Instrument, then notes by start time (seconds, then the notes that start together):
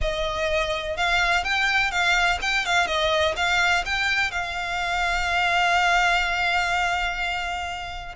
violin
0.01 D#5
0.96 F5
1.44 G5
1.91 F5
2.41 G5
2.65 F5
2.86 D#5
3.36 F5
3.85 G5
4.31 F5